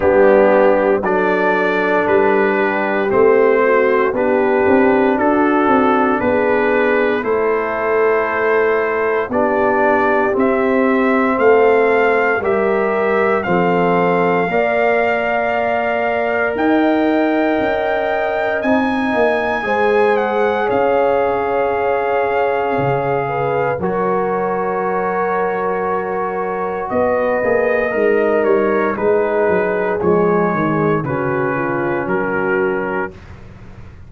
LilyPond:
<<
  \new Staff \with { instrumentName = "trumpet" } { \time 4/4 \tempo 4 = 58 g'4 d''4 b'4 c''4 | b'4 a'4 b'4 c''4~ | c''4 d''4 e''4 f''4 | e''4 f''2. |
g''2 gis''4. fis''8 | f''2. cis''4~ | cis''2 dis''4. cis''8 | b'4 cis''4 b'4 ais'4 | }
  \new Staff \with { instrumentName = "horn" } { \time 4/4 d'4 a'4. g'4 fis'8 | g'4 fis'4 gis'4 a'4~ | a'4 g'2 a'4 | ais'4 a'4 d''2 |
dis''2. c''4 | cis''2~ cis''8 b'8 ais'4~ | ais'2 b'4 dis'4 | gis'2 fis'8 f'8 fis'4 | }
  \new Staff \with { instrumentName = "trombone" } { \time 4/4 b4 d'2 c'4 | d'2. e'4~ | e'4 d'4 c'2 | g'4 c'4 ais'2~ |
ais'2 dis'4 gis'4~ | gis'2. fis'4~ | fis'2~ fis'8 gis'8 ais'4 | dis'4 gis4 cis'2 | }
  \new Staff \with { instrumentName = "tuba" } { \time 4/4 g4 fis4 g4 a4 | b8 c'8 d'8 c'8 b4 a4~ | a4 b4 c'4 a4 | g4 f4 ais2 |
dis'4 cis'4 c'8 ais8 gis4 | cis'2 cis4 fis4~ | fis2 b8 ais8 gis8 g8 | gis8 fis8 f8 dis8 cis4 fis4 | }
>>